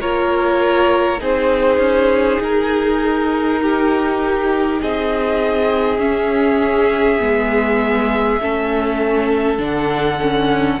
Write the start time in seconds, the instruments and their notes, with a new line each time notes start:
0.00 cello A#3, viola F4, violin A#4 C#5
1.18 cello C4, viola D#4, violin G#4 C5
1.78 cello C#4
2.39 cello D#4, violin A#4
3.62 violin G4
4.81 cello C4, violin G#4 D#5
5.98 cello C#4, viola C#4, violin E5
7.19 cello G#3, viola B3
8.40 cello A3, viola C#4, violin A4
9.57 cello D3, viola D4
9.63 violin F#5
10.20 viola C#4